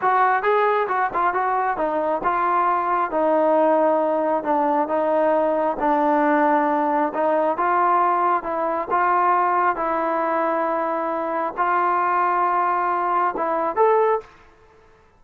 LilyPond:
\new Staff \with { instrumentName = "trombone" } { \time 4/4 \tempo 4 = 135 fis'4 gis'4 fis'8 f'8 fis'4 | dis'4 f'2 dis'4~ | dis'2 d'4 dis'4~ | dis'4 d'2. |
dis'4 f'2 e'4 | f'2 e'2~ | e'2 f'2~ | f'2 e'4 a'4 | }